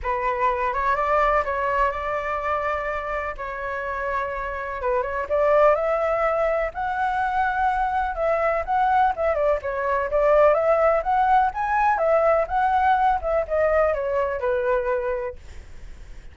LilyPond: \new Staff \with { instrumentName = "flute" } { \time 4/4 \tempo 4 = 125 b'4. cis''8 d''4 cis''4 | d''2. cis''4~ | cis''2 b'8 cis''8 d''4 | e''2 fis''2~ |
fis''4 e''4 fis''4 e''8 d''8 | cis''4 d''4 e''4 fis''4 | gis''4 e''4 fis''4. e''8 | dis''4 cis''4 b'2 | }